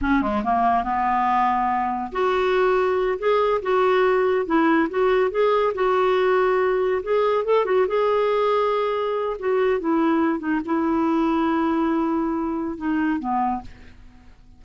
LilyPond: \new Staff \with { instrumentName = "clarinet" } { \time 4/4 \tempo 4 = 141 cis'8 gis8 ais4 b2~ | b4 fis'2~ fis'8 gis'8~ | gis'8 fis'2 e'4 fis'8~ | fis'8 gis'4 fis'2~ fis'8~ |
fis'8 gis'4 a'8 fis'8 gis'4.~ | gis'2 fis'4 e'4~ | e'8 dis'8 e'2.~ | e'2 dis'4 b4 | }